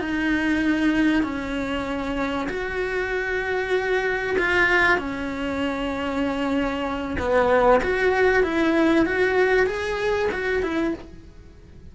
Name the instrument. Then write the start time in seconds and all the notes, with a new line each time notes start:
cello
0.00 D#4
1.23 C#4
2.49 F#4
4.38 F4
4.98 C#4
7.19 B3
7.83 F#4
8.43 E4
9.06 F#4
9.66 G#4
10.32 F#4
10.62 E4